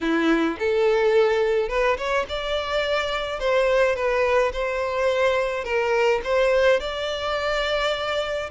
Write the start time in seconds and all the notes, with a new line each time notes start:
0.00 E4
0.59 A4
1.69 B4
1.97 C#5
2.28 D5
3.39 C5
3.95 B4
4.52 C5
5.64 A#4
6.23 C5
6.80 D5